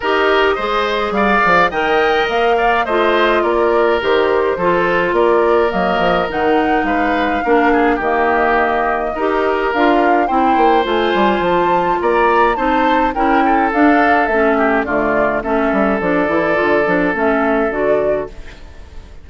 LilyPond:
<<
  \new Staff \with { instrumentName = "flute" } { \time 4/4 \tempo 4 = 105 dis''2 f''4 g''4 | f''4 dis''4 d''4 c''4~ | c''4 d''4 dis''4 fis''4 | f''2 dis''2~ |
dis''4 f''4 g''4 gis''4 | a''4 ais''4 a''4 g''4 | f''4 e''4 d''4 e''4 | d''2 e''4 d''4 | }
  \new Staff \with { instrumentName = "oboe" } { \time 4/4 ais'4 c''4 d''4 dis''4~ | dis''8 d''8 c''4 ais'2 | a'4 ais'2. | b'4 ais'8 gis'8 g'2 |
ais'2 c''2~ | c''4 d''4 c''4 ais'8 a'8~ | a'4. g'8 f'4 a'4~ | a'1 | }
  \new Staff \with { instrumentName = "clarinet" } { \time 4/4 g'4 gis'2 ais'4~ | ais'4 f'2 g'4 | f'2 ais4 dis'4~ | dis'4 d'4 ais2 |
g'4 f'4 e'4 f'4~ | f'2 dis'4 e'4 | d'4 cis'4 a4 cis'4 | d'8 e'8 f'8 d'8 cis'4 fis'4 | }
  \new Staff \with { instrumentName = "bassoon" } { \time 4/4 dis'4 gis4 g8 f8 dis4 | ais4 a4 ais4 dis4 | f4 ais4 fis8 f8 dis4 | gis4 ais4 dis2 |
dis'4 d'4 c'8 ais8 a8 g8 | f4 ais4 c'4 cis'4 | d'4 a4 d4 a8 g8 | f8 e8 d8 f8 a4 d4 | }
>>